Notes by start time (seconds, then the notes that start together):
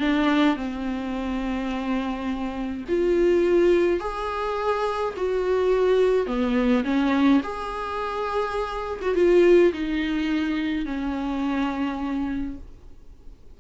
0.00 D4
0.57 C4
2.89 F4
4.00 G#4
5.17 F#4
6.27 B3
6.85 C#4
7.43 G#4
9.02 F#4
9.15 F4
9.74 D#4
10.86 C#4